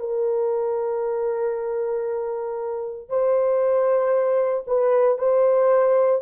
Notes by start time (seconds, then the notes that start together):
0.00 A#4
3.09 C5
4.67 B4
5.18 C5